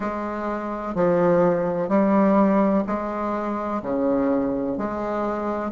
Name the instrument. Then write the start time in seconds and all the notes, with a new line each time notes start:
bassoon
0.00 G#3
0.94 F3
1.88 G3
2.86 G#3
3.82 C#3
4.77 G#3